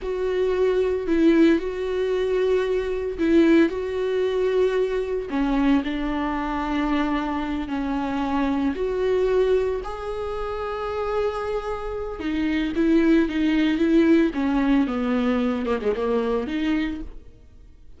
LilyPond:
\new Staff \with { instrumentName = "viola" } { \time 4/4 \tempo 4 = 113 fis'2 e'4 fis'4~ | fis'2 e'4 fis'4~ | fis'2 cis'4 d'4~ | d'2~ d'8 cis'4.~ |
cis'8 fis'2 gis'4.~ | gis'2. dis'4 | e'4 dis'4 e'4 cis'4 | b4. ais16 gis16 ais4 dis'4 | }